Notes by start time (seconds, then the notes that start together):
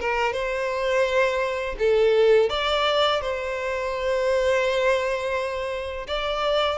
0.00 A#4
0.33 C5
1.79 A4
2.50 D5
3.21 C5
6.07 D5